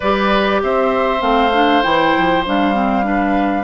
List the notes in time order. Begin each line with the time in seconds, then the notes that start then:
0.00 G3 G4 B4 D5
0.62 C4 C5 E5
1.19 A3 C4 F5
1.53 D4
1.82 E3 E4 G5
2.17 F3
2.45 G3 D4 F5
2.73 C4
3.02 D4 B4